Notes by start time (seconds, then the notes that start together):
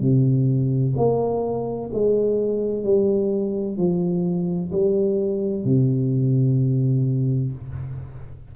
0.00 C3
0.96 A#3
1.93 G#3
2.83 G3
3.77 F3
4.72 G3
5.64 C3